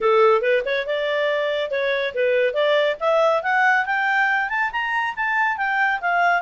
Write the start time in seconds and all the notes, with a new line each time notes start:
0.00 A4
0.41 B4
0.65 C#5
0.86 D5
1.70 C#5
2.14 B4
2.53 D5
2.99 E5
3.42 F#5
3.85 G5
4.49 A5
4.72 A#5
5.16 A5
5.57 G5
6.00 F5